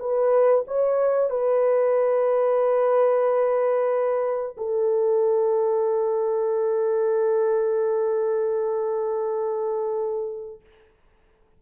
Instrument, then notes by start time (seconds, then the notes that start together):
horn
0.00 B4
0.68 C#5
1.31 B4
4.58 A4